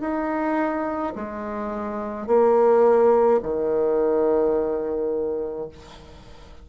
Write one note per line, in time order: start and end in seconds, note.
0.00 1.13 D#4
1.15 2.27 G#3
2.27 3.40 A#3
3.42 5.69 D#3